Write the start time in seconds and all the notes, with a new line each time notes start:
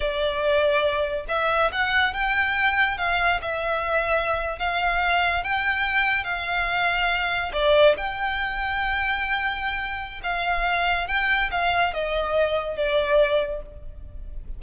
0.00 D5
1.28 E5
1.71 F#5
2.13 G5
2.97 F5
3.41 E5
4.58 F5
5.43 G5
6.24 F5
7.53 D5
7.97 G5
10.23 F5
11.07 G5
11.51 F5
11.93 D#5
12.77 D5